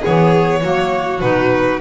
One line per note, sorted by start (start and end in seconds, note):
0.00 0.62 B3
0.00 0.59 G#4
0.00 1.20 C#5
0.06 0.64 E3
0.62 1.22 F#3
0.62 1.21 A#3
0.62 1.81 F#4
1.20 1.81 B2
1.20 1.80 D#4
1.20 1.80 B4